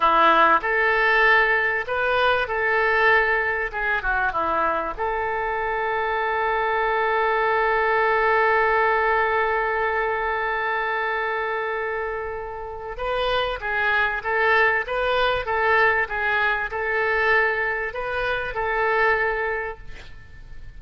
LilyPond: \new Staff \with { instrumentName = "oboe" } { \time 4/4 \tempo 4 = 97 e'4 a'2 b'4 | a'2 gis'8 fis'8 e'4 | a'1~ | a'1~ |
a'1~ | a'4 b'4 gis'4 a'4 | b'4 a'4 gis'4 a'4~ | a'4 b'4 a'2 | }